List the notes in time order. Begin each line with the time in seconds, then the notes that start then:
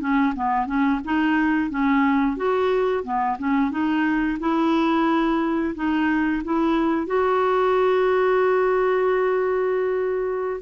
0.00 C#4
0.36 B3
0.66 C#4
1.04 D#4
1.70 C#4
2.36 F#4
3.04 B3
3.39 C#4
3.71 D#4
4.40 E4
5.75 D#4
6.44 E4
7.07 F#4